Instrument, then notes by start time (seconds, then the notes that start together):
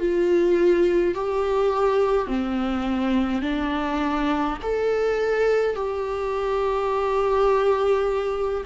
viola
0.00 F4
1.15 G4
2.28 C4
3.42 D4
4.63 A4
5.76 G4